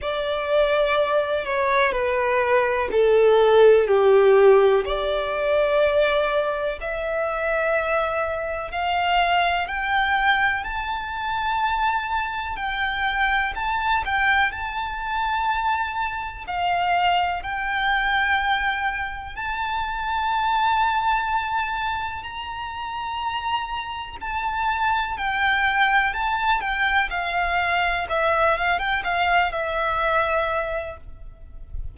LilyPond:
\new Staff \with { instrumentName = "violin" } { \time 4/4 \tempo 4 = 62 d''4. cis''8 b'4 a'4 | g'4 d''2 e''4~ | e''4 f''4 g''4 a''4~ | a''4 g''4 a''8 g''8 a''4~ |
a''4 f''4 g''2 | a''2. ais''4~ | ais''4 a''4 g''4 a''8 g''8 | f''4 e''8 f''16 g''16 f''8 e''4. | }